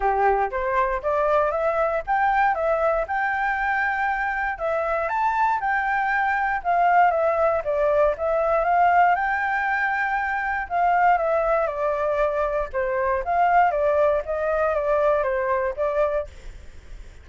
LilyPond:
\new Staff \with { instrumentName = "flute" } { \time 4/4 \tempo 4 = 118 g'4 c''4 d''4 e''4 | g''4 e''4 g''2~ | g''4 e''4 a''4 g''4~ | g''4 f''4 e''4 d''4 |
e''4 f''4 g''2~ | g''4 f''4 e''4 d''4~ | d''4 c''4 f''4 d''4 | dis''4 d''4 c''4 d''4 | }